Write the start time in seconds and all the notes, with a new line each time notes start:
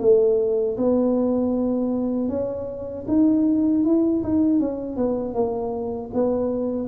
0.00 A3
0.77 B3
2.29 C#4
3.08 D#4
3.85 E4
4.24 D#4
4.60 C#4
4.97 B3
5.34 A#3
6.14 B3